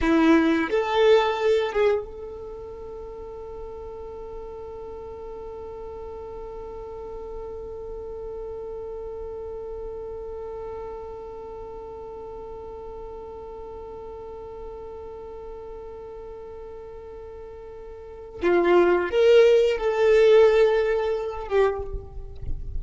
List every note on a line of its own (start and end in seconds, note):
0.01 0.69 E4
0.70 1.72 A4
1.72 2.05 G#4
2.05 18.41 A4
18.42 19.10 F4
19.10 19.77 A#4
19.77 21.48 A4
21.48 21.82 G4